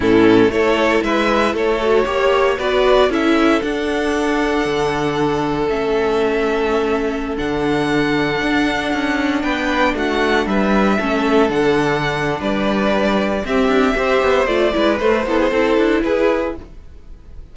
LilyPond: <<
  \new Staff \with { instrumentName = "violin" } { \time 4/4 \tempo 4 = 116 a'4 cis''4 e''4 cis''4~ | cis''4 d''4 e''4 fis''4~ | fis''2. e''4~ | e''2~ e''16 fis''4.~ fis''16~ |
fis''2~ fis''16 g''4 fis''8.~ | fis''16 e''2 fis''4.~ fis''16 | d''2 e''2 | d''4 c''2 b'4 | }
  \new Staff \with { instrumentName = "violin" } { \time 4/4 e'4 a'4 b'4 a'4 | cis''4 b'4 a'2~ | a'1~ | a'1~ |
a'2~ a'16 b'4 fis'8.~ | fis'16 b'4 a'2~ a'8. | b'2 g'4 c''4~ | c''8 b'4 a'16 gis'16 a'4 gis'4 | }
  \new Staff \with { instrumentName = "viola" } { \time 4/4 cis'4 e'2~ e'8 fis'8 | g'4 fis'4 e'4 d'4~ | d'2. cis'4~ | cis'2~ cis'16 d'4.~ d'16~ |
d'1~ | d'4~ d'16 cis'4 d'4.~ d'16~ | d'2 c'4 g'4 | f'8 e'8 a8 e8 e'2 | }
  \new Staff \with { instrumentName = "cello" } { \time 4/4 a,4 a4 gis4 a4 | ais4 b4 cis'4 d'4~ | d'4 d2 a4~ | a2~ a16 d4.~ d16~ |
d16 d'4 cis'4 b4 a8.~ | a16 g4 a4 d4.~ d16 | g2 c'8 d'8 c'8 b8 | a8 gis8 a8 b8 c'8 d'8 e'4 | }
>>